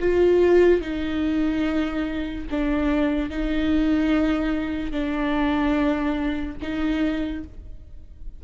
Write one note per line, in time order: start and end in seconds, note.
0.00 0.81 F4
0.81 2.46 D#4
2.51 3.30 D4
3.30 4.92 D#4
4.92 6.56 D4
6.62 7.44 D#4